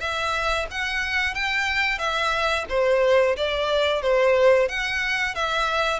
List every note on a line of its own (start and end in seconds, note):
0.00 0.67 E5
0.71 1.35 F#5
1.35 1.99 G5
1.99 2.65 E5
2.69 3.36 C5
3.37 4.02 D5
4.02 4.68 C5
4.68 5.35 F#5
5.35 6.00 E5